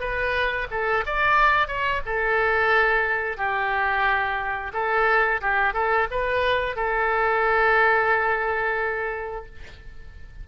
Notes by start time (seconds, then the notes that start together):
0.00 B4
0.71 A4
1.06 D5
1.68 C#5
2.06 A4
3.37 G4
4.73 A4
5.41 G4
5.74 A4
6.11 B4
6.76 A4